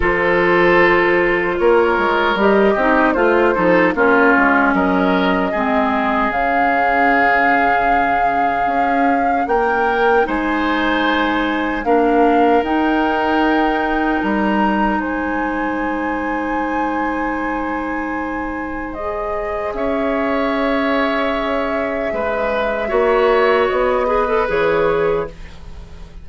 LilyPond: <<
  \new Staff \with { instrumentName = "flute" } { \time 4/4 \tempo 4 = 76 c''2 cis''4 dis''4 | c''4 cis''4 dis''2 | f''1 | g''4 gis''2 f''4 |
g''2 ais''4 gis''4~ | gis''1 | dis''4 e''2.~ | e''2 dis''4 cis''4 | }
  \new Staff \with { instrumentName = "oboe" } { \time 4/4 a'2 ais'4. g'8 | f'8 a'8 f'4 ais'4 gis'4~ | gis'1 | ais'4 c''2 ais'4~ |
ais'2. c''4~ | c''1~ | c''4 cis''2. | b'4 cis''4. b'4. | }
  \new Staff \with { instrumentName = "clarinet" } { \time 4/4 f'2. g'8 dis'8 | f'8 dis'8 cis'2 c'4 | cis'1~ | cis'4 dis'2 d'4 |
dis'1~ | dis'1 | gis'1~ | gis'4 fis'4. gis'16 a'16 gis'4 | }
  \new Staff \with { instrumentName = "bassoon" } { \time 4/4 f2 ais8 gis8 g8 c'8 | a8 f8 ais8 gis8 fis4 gis4 | cis2. cis'4 | ais4 gis2 ais4 |
dis'2 g4 gis4~ | gis1~ | gis4 cis'2. | gis4 ais4 b4 e4 | }
>>